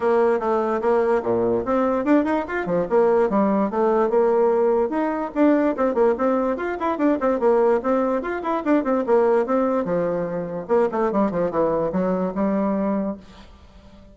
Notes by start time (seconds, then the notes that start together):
0.00 A#3
0.39 A3
0.81 A#3
1.22 A#2
1.65 C4
2.05 D4
2.24 D#4
2.47 F4
2.65 F3
2.89 A#3
3.29 G3
3.70 A3
4.09 A#3
4.89 D#4
5.34 D4
5.76 C4
5.94 A#3
6.17 C4
6.57 F4
6.79 E4
6.98 D4
7.20 C4
7.39 A#3
7.83 C4
8.21 F4
8.42 E4
8.64 D4
8.84 C4
9.06 A#3
9.46 C4
9.85 F3
10.68 A#3
10.91 A3
11.12 G3
11.31 F3
11.50 E3
11.92 F#3
12.34 G3